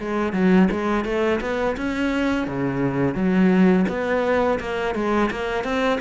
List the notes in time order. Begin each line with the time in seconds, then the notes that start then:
0.00 G#3
0.33 F#3
0.72 G#3
1.05 A3
1.41 B3
1.77 C#4
2.48 C#3
3.15 F#3
3.89 B3
4.60 A#3
4.95 G#3
5.31 A#3
5.64 C4